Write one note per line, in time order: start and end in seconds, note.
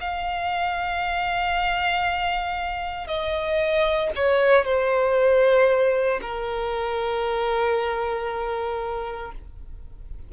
0.00 3.07 F5
3.07 4.11 D#5
4.15 4.65 C#5
4.65 6.20 C5
6.21 9.32 A#4